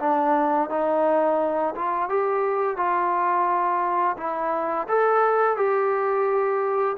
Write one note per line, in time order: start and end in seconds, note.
0.00 0.70 D4
0.70 1.74 D#4
1.75 2.09 F4
2.09 2.77 G4
2.77 4.17 F4
4.18 4.87 E4
4.88 5.57 A4
5.57 6.97 G4